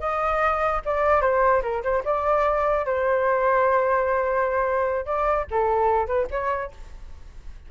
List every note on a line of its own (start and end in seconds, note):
0.00 0.81 D#5
0.85 1.21 D5
1.21 1.62 C5
1.63 1.83 A#4
1.83 2.03 C5
2.05 2.85 D5
2.85 5.05 C5
5.05 5.46 D5
5.51 6.07 A4
6.07 6.27 B4
6.31 6.71 C#5